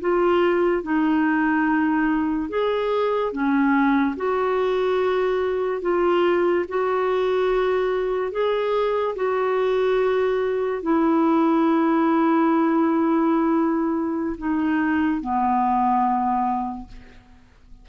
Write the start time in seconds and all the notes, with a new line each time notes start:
0.00 F4
0.83 D#4
2.49 G#4
3.32 C#4
4.16 F#4
5.81 F4
6.68 F#4
8.31 G#4
9.15 F#4
10.82 E4
14.37 D#4
15.20 B3